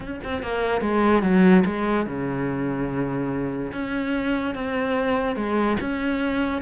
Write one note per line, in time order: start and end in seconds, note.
0.00 0.20 C#4
0.24 0.42 C4
0.42 0.81 A#3
0.81 1.22 G#3
1.22 1.63 F#3
1.65 2.06 G#3
2.06 3.71 C#3
3.72 4.54 C#4
4.54 5.35 C4
5.35 5.77 G#3
5.80 6.61 C#4